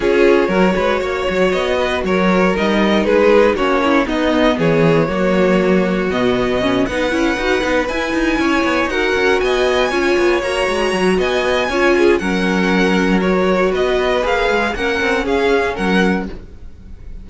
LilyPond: <<
  \new Staff \with { instrumentName = "violin" } { \time 4/4 \tempo 4 = 118 cis''2. dis''4 | cis''4 dis''4 b'4 cis''4 | dis''4 cis''2. | dis''4. fis''2 gis''8~ |
gis''4. fis''4 gis''4.~ | gis''8 ais''4. gis''2 | fis''2 cis''4 dis''4 | f''4 fis''4 f''4 fis''4 | }
  \new Staff \with { instrumentName = "violin" } { \time 4/4 gis'4 ais'8 b'8 cis''4. b'8 | ais'2 gis'4 fis'8 e'8 | dis'4 gis'4 fis'2~ | fis'4. b'2~ b'8~ |
b'8 cis''4 ais'4 dis''4 cis''8~ | cis''2 dis''4 cis''8 gis'8 | ais'2. b'4~ | b'4 ais'4 gis'4 ais'4 | }
  \new Staff \with { instrumentName = "viola" } { \time 4/4 f'4 fis'2.~ | fis'4 dis'2 cis'4 | b2 ais2 | b4 cis'8 dis'8 e'8 fis'8 dis'8 e'8~ |
e'4. fis'2 f'8~ | f'8 fis'2~ fis'8 f'4 | cis'2 fis'2 | gis'4 cis'2. | }
  \new Staff \with { instrumentName = "cello" } { \time 4/4 cis'4 fis8 gis8 ais8 fis8 b4 | fis4 g4 gis4 ais4 | b4 e4 fis2 | b,4. b8 cis'8 dis'8 b8 e'8 |
dis'8 cis'8 b8 dis'8 cis'8 b4 cis'8 | b8 ais8 gis8 fis8 b4 cis'4 | fis2. b4 | ais8 gis8 ais8 c'8 cis'4 fis4 | }
>>